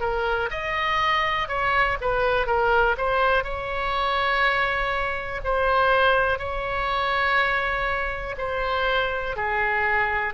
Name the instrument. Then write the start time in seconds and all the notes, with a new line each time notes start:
oboe
0.00 A#4
0.51 D#5
1.48 C#5
2.01 B4
2.47 A#4
2.98 C5
3.44 C#5
5.44 C5
6.38 C#5
8.38 C5
9.36 G#4